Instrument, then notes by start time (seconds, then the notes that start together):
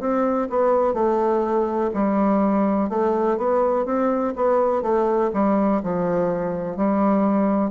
bassoon
0.00 C4
0.50 B3
0.94 A3
1.94 G3
2.89 A3
3.37 B3
3.86 C4
4.36 B3
4.83 A3
5.34 G3
5.83 F3
6.77 G3